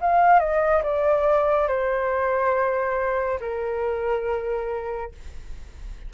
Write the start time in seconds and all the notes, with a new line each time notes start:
0.00 F5
0.39 D#5
0.83 D5
1.68 C5
3.40 A#4